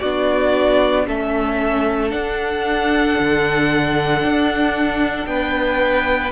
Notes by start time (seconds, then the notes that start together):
0.00 B3 D4 F#4 D5
1.06 A3 C#4 A4 E5
2.10 D4 F#5
3.19 D3
4.24 D4
5.26 B3 B4 G5